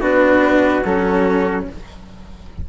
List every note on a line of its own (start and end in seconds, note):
0.00 0.83 B3
0.00 0.82 D4
0.00 1.64 F#4
0.00 0.83 B4
0.83 1.66 F#3
0.83 1.68 C#4
0.83 1.66 A4